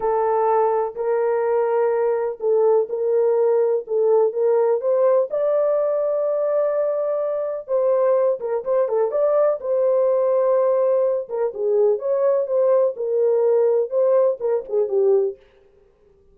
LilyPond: \new Staff \with { instrumentName = "horn" } { \time 4/4 \tempo 4 = 125 a'2 ais'2~ | ais'4 a'4 ais'2 | a'4 ais'4 c''4 d''4~ | d''1 |
c''4. ais'8 c''8 a'8 d''4 | c''2.~ c''8 ais'8 | gis'4 cis''4 c''4 ais'4~ | ais'4 c''4 ais'8 gis'8 g'4 | }